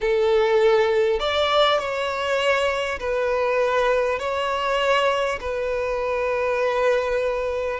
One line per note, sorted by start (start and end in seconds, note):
0.01 1.19 A4
1.19 1.79 D5
1.79 2.99 C#5
2.99 4.19 B4
4.19 5.39 C#5
5.40 7.80 B4